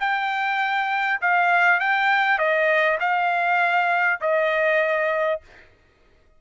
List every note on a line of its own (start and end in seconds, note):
0.00 1.20 G5
1.21 1.80 F5
1.80 2.38 G5
2.38 2.98 D#5
3.00 4.20 F5
4.21 5.41 D#5